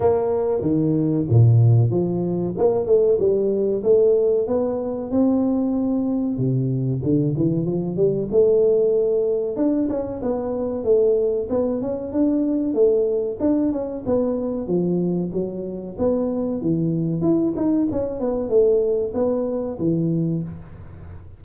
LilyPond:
\new Staff \with { instrumentName = "tuba" } { \time 4/4 \tempo 4 = 94 ais4 dis4 ais,4 f4 | ais8 a8 g4 a4 b4 | c'2 c4 d8 e8 | f8 g8 a2 d'8 cis'8 |
b4 a4 b8 cis'8 d'4 | a4 d'8 cis'8 b4 f4 | fis4 b4 e4 e'8 dis'8 | cis'8 b8 a4 b4 e4 | }